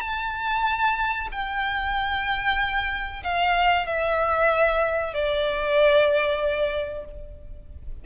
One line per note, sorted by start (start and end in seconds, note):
0.00 1.28 A5
1.31 3.23 G5
3.23 3.86 F5
3.86 5.13 E5
5.13 7.05 D5